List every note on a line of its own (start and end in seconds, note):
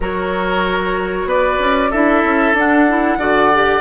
0.00 1.25 F#3
0.00 1.92 F#4
0.00 1.28 A#4
0.00 1.29 C#5
1.25 1.57 B3
1.25 1.90 B4
1.25 1.91 D5
1.59 1.91 C#4
1.90 2.24 D4
1.90 2.55 E4
1.90 3.18 A4
1.90 2.55 E5
2.24 2.53 C#4
2.53 3.17 D4
2.53 2.87 D4
2.53 3.80 F#5
2.88 3.18 E4
3.17 3.80 D3
3.17 3.50 F#4
3.17 3.80 D5
3.53 3.80 G4